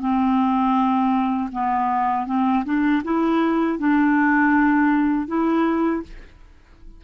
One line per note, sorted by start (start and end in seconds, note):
0.00 1.50 C4
1.52 2.26 B3
2.26 2.64 C4
2.65 3.02 D4
3.04 3.79 E4
3.79 5.28 D4
5.28 6.03 E4